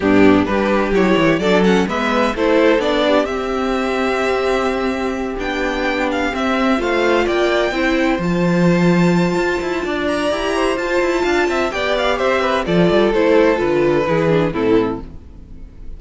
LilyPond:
<<
  \new Staff \with { instrumentName = "violin" } { \time 4/4 \tempo 4 = 128 g'4 b'4 cis''4 d''8 fis''8 | e''4 c''4 d''4 e''4~ | e''2.~ e''8 g''8~ | g''4 f''8 e''4 f''4 g''8~ |
g''4. a''2~ a''8~ | a''4. ais''4. a''4~ | a''4 g''8 f''8 e''4 d''4 | c''4 b'2 a'4 | }
  \new Staff \with { instrumentName = "violin" } { \time 4/4 d'4 g'2 a'4 | b'4 a'4. g'4.~ | g'1~ | g'2~ g'8 c''4 d''8~ |
d''8 c''2.~ c''8~ | c''4 d''4. c''4. | f''8 e''8 d''4 c''8 b'8 a'4~ | a'2 gis'4 e'4 | }
  \new Staff \with { instrumentName = "viola" } { \time 4/4 b4 d'4 e'4 d'8 cis'8 | b4 e'4 d'4 c'4~ | c'2.~ c'8 d'8~ | d'4. c'4 f'4.~ |
f'8 e'4 f'2~ f'8~ | f'2 g'4 f'4~ | f'4 g'2 f'4 | e'4 f'4 e'8 d'8 c'4 | }
  \new Staff \with { instrumentName = "cello" } { \time 4/4 g,4 g4 fis8 e8 fis4 | gis4 a4 b4 c'4~ | c'2.~ c'8 b8~ | b4. c'4 a4 ais8~ |
ais8 c'4 f2~ f8 | f'8 e'8 d'4 e'4 f'8 e'8 | d'8 c'8 b4 c'4 f8 g8 | a4 d4 e4 a,4 | }
>>